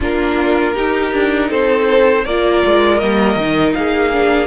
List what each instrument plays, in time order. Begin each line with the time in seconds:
0.00 cello A#3, viola D4, violin F4 A#4
0.74 viola D#4, cello D#4, violin G4
1.13 cello D4
1.49 cello C4, violin A4 C5
2.24 cello A#3, viola F4, violin A#4 D5
2.65 cello G#3
2.98 cello G3, viola A#3, violin D#5
3.36 cello D#3, viola D#4
3.73 cello A#3, violin G#4 F5
4.12 viola D4